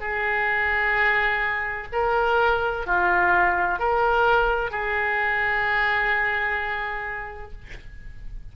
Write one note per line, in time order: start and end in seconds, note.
0.00 1.87 G#4
1.93 2.86 A#4
2.87 3.80 F4
3.80 4.71 A#4
4.71 7.52 G#4